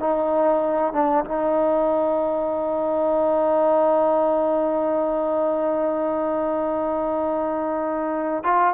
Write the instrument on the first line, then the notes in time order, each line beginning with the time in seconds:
trombone
0.00 D#4
0.93 D4
1.25 D#4
8.44 F4